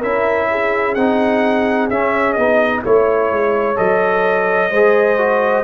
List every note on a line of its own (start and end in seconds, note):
0.00 0.95 C#4
0.00 0.97 E4
0.00 0.47 A#4
0.00 0.95 E5
0.50 2.83 G#4
0.95 1.89 C4
0.95 1.91 D#4
0.95 1.88 F#5
1.90 2.37 C#4
1.90 2.38 C#4
1.90 2.33 E5
2.33 2.83 B3
2.33 2.85 D#4
2.33 2.80 D#5
2.83 3.31 A3
2.83 3.76 E4
2.83 4.71 C#5
2.83 3.77 C#5
3.31 3.78 G#3
3.76 4.71 F#3
3.76 4.70 A4
3.76 5.63 D#5
4.71 5.63 G#3
4.71 5.18 G#4
4.71 5.63 C5
5.18 5.63 F#4